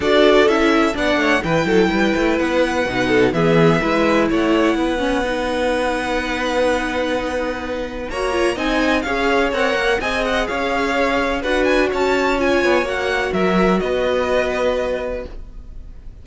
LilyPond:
<<
  \new Staff \with { instrumentName = "violin" } { \time 4/4 \tempo 4 = 126 d''4 e''4 fis''4 g''4~ | g''4 fis''2 e''4~ | e''4 fis''2.~ | fis''1~ |
fis''4 ais''4 gis''4 f''4 | fis''4 gis''8 fis''8 f''2 | fis''8 gis''8 a''4 gis''4 fis''4 | e''4 dis''2. | }
  \new Staff \with { instrumentName = "violin" } { \time 4/4 a'2 d''8 cis''8 b'8 a'8 | b'2~ b'8 a'8 gis'4 | b'4 cis''4 b'2~ | b'1~ |
b'4 cis''4 dis''4 cis''4~ | cis''4 dis''4 cis''2 | b'4 cis''2. | ais'4 b'2. | }
  \new Staff \with { instrumentName = "viola" } { \time 4/4 fis'4 e'4 d'4 e'4~ | e'2 dis'4 b4 | e'2~ e'8 cis'8 dis'4~ | dis'1~ |
dis'4 fis'8 f'8 dis'4 gis'4 | ais'4 gis'2. | fis'2 f'4 fis'4~ | fis'1 | }
  \new Staff \with { instrumentName = "cello" } { \time 4/4 d'4 cis'4 b8 a8 e8 fis8 | g8 a8 b4 b,4 e4 | gis4 a4 b2~ | b1~ |
b4 ais4 c'4 cis'4 | c'8 ais8 c'4 cis'2 | d'4 cis'4. b8 ais4 | fis4 b2. | }
>>